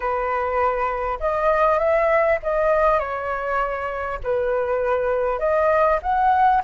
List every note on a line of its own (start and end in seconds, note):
0.00 1.18 B4
1.20 1.78 D#5
1.78 2.38 E5
2.42 2.99 D#5
2.99 4.19 C#5
4.23 5.39 B4
5.39 5.99 D#5
6.02 6.62 F#5